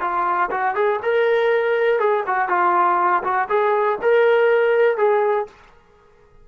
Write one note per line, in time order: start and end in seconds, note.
0.00 0.50 F4
0.51 0.75 F#4
0.75 1.00 G#4
1.02 1.99 A#4
1.99 2.24 G#4
2.27 2.49 F#4
2.49 3.23 F4
3.23 3.48 F#4
3.49 3.98 G#4
4.02 4.97 A#4
4.97 5.47 G#4